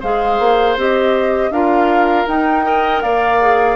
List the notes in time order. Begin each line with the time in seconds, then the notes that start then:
0.00 G#3 G#4 C5 F5
0.39 A#3
0.77 C4 G4 D#5
1.50 D4 F4 A#4 F5
2.27 D#4 G5
2.63 A#4 D#5
3.01 A#3 D5 F5
3.41 G#4